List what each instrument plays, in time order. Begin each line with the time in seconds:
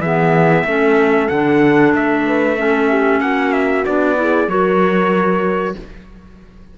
0.00 cello E3, clarinet B3, horn G#4, trumpet E5
0.65 cello A3, clarinet C#4, horn A4
1.29 cello D3, clarinet D4, trumpet F#5
1.94 cello A3, trumpet E5
2.27 horn B4
2.57 clarinet C#4, horn A4
2.90 horn G4
3.21 cello A#3, horn F#4, trumpet F#5
3.53 trumpet E5
3.86 cello B3, clarinet D4, trumpet D5
4.16 clarinet E4, horn G#4
4.48 cello F#3, clarinet F#4, horn A#4, trumpet C#5